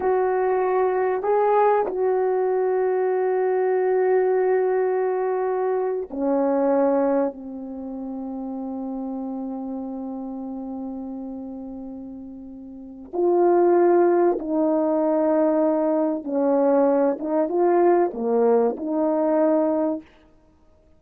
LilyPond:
\new Staff \with { instrumentName = "horn" } { \time 4/4 \tempo 4 = 96 fis'2 gis'4 fis'4~ | fis'1~ | fis'4.~ fis'16 cis'2 c'16~ | c'1~ |
c'1~ | c'4 f'2 dis'4~ | dis'2 cis'4. dis'8 | f'4 ais4 dis'2 | }